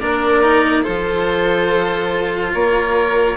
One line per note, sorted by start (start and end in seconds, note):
0.00 0.86 A#3
0.00 0.43 D4
0.00 0.83 A#4
0.00 0.84 D5
0.43 0.83 D#4
0.83 2.54 F3
0.83 3.37 F4
0.83 2.52 A4
0.83 2.53 C5
2.54 3.37 A#3
2.54 3.37 A#4
2.54 3.37 C#5